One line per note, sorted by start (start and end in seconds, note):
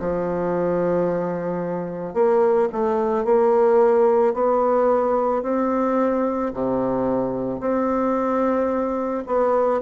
0.00 2.14 F3
2.14 2.69 A#3
2.72 3.25 A3
3.25 4.34 A#3
4.34 5.43 B3
5.43 6.52 C4
6.54 7.60 C3
7.60 9.24 C4
9.27 9.81 B3